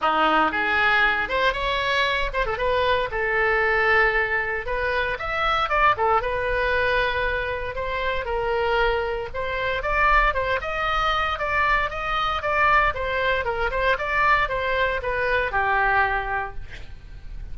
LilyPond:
\new Staff \with { instrumentName = "oboe" } { \time 4/4 \tempo 4 = 116 dis'4 gis'4. c''8 cis''4~ | cis''8 c''16 a'16 b'4 a'2~ | a'4 b'4 e''4 d''8 a'8 | b'2. c''4 |
ais'2 c''4 d''4 | c''8 dis''4. d''4 dis''4 | d''4 c''4 ais'8 c''8 d''4 | c''4 b'4 g'2 | }